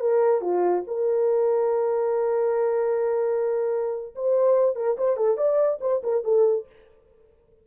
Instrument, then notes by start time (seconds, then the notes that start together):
horn
0.00 A#4
0.41 F4
0.87 A#4
4.15 C5
4.76 A#4
4.98 C5
5.17 A4
5.37 D5
5.81 C5
6.03 A#4
6.24 A4